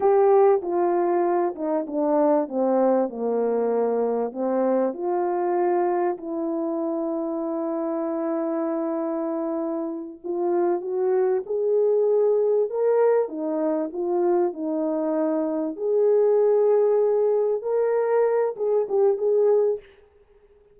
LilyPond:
\new Staff \with { instrumentName = "horn" } { \time 4/4 \tempo 4 = 97 g'4 f'4. dis'8 d'4 | c'4 ais2 c'4 | f'2 e'2~ | e'1~ |
e'8 f'4 fis'4 gis'4.~ | gis'8 ais'4 dis'4 f'4 dis'8~ | dis'4. gis'2~ gis'8~ | gis'8 ais'4. gis'8 g'8 gis'4 | }